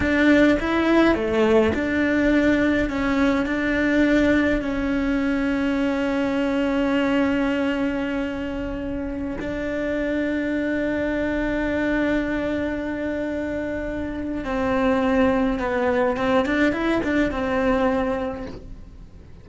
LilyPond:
\new Staff \with { instrumentName = "cello" } { \time 4/4 \tempo 4 = 104 d'4 e'4 a4 d'4~ | d'4 cis'4 d'2 | cis'1~ | cis'1~ |
cis'16 d'2.~ d'8.~ | d'1~ | d'4 c'2 b4 | c'8 d'8 e'8 d'8 c'2 | }